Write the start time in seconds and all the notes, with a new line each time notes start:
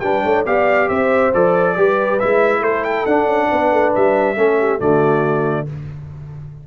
0.00 G3 D4 B4 G5
0.24 A3 C#5
0.46 B3 G4 D5 F5
0.89 C4 C5 E5
1.34 F3 A4 D5
1.77 G3 G4 B4
2.20 G#3 E4 E5
2.60 A3 A4 C5
2.85 G5
3.06 D4 F#5
3.26 C#4
3.52 B3 B4
3.73 A3
3.95 G3 E5
4.36 A3 C#4 A4
4.60 G4
4.80 D3 A3 F#4 D5